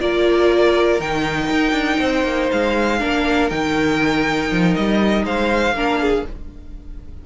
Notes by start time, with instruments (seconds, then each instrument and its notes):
0.00 cello A#3, viola F4, violin A#4 D5
1.00 cello D#3, viola D#4, violin G5
1.51 cello D#4
1.72 cello D4
1.99 cello C4, violin C5
2.24 cello A#3
2.51 cello G#3, violin F5
2.99 cello A#3, viola D4, violin A#4
3.50 cello D#3, viola D#4, violin G5
4.51 cello F3
4.75 cello G3, violin D#5
5.24 cello G#3, violin C5 F5
5.72 cello A#3, viola D4, violin A#4
6.01 violin G#4